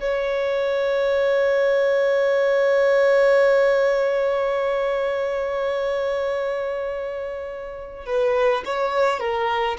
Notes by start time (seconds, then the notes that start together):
0.00 C#5
8.06 B4
8.65 C#5
9.19 A#4